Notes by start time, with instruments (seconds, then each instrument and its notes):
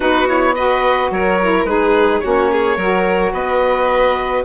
0.00 bassoon B3, saxophone D#4, violin F#4, oboe B4
0.26 saxophone E4, oboe C#5
0.55 saxophone F#4, violin B4, oboe D#5
1.11 bassoon F#3, violin A#4, oboe C#5
1.41 saxophone E4
1.64 bassoon G#3, saxophone D#4, violin G#4, oboe B4
2.20 bassoon A#3, saxophone C#4, violin F#4, oboe C#5
2.51 violin G#4
2.76 bassoon F#3, saxophone F#4, violin A#4
3.32 bassoon B3, violin B4, oboe D#5